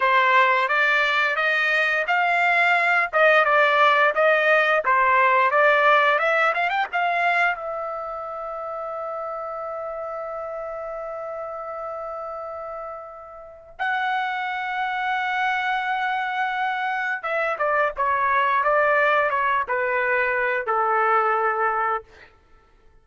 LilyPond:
\new Staff \with { instrumentName = "trumpet" } { \time 4/4 \tempo 4 = 87 c''4 d''4 dis''4 f''4~ | f''8 dis''8 d''4 dis''4 c''4 | d''4 e''8 f''16 g''16 f''4 e''4~ | e''1~ |
e''1 | fis''1~ | fis''4 e''8 d''8 cis''4 d''4 | cis''8 b'4. a'2 | }